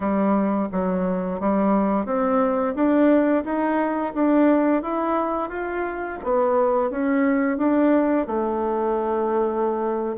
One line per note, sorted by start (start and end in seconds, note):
0.00 0.68 G3
0.72 1.39 F#3
1.39 2.05 G3
2.05 2.74 C4
2.75 3.44 D4
3.44 4.13 D#4
4.14 4.82 D4
4.82 5.49 E4
5.49 6.18 F4
6.23 6.90 B3
6.90 7.57 C#4
7.57 8.26 D4
8.26 10.16 A3